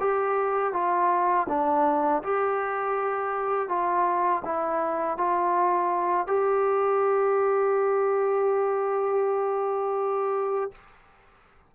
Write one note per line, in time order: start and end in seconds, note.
0.00 0.73 G4
0.73 1.47 F4
1.49 2.23 D4
2.24 3.69 G4
3.69 4.43 F4
4.45 5.18 E4
5.18 6.28 F4
6.28 10.72 G4